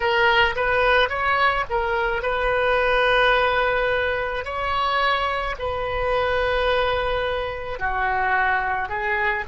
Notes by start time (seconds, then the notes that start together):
0.00 A#4
0.56 B4
1.09 C#5
1.69 A#4
2.22 B4
4.44 C#5
5.58 B4
7.79 F#4
8.88 G#4